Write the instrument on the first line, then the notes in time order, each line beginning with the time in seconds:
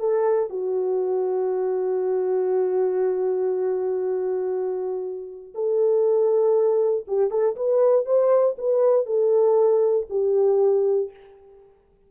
horn
0.00 A4
0.50 F#4
5.55 A4
7.08 G4
7.31 A4
7.56 B4
8.06 C5
8.59 B4
9.07 A4
10.10 G4